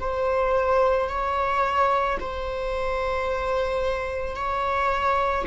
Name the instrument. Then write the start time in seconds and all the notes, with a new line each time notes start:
viola
0.00 C5
1.09 C#5
2.20 C5
4.36 C#5